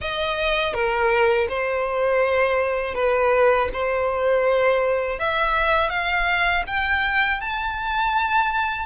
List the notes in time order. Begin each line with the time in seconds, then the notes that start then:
0.01 D#5
0.73 A#4
1.48 C5
2.94 B4
3.73 C5
5.19 E5
5.89 F5
6.66 G5
7.41 A5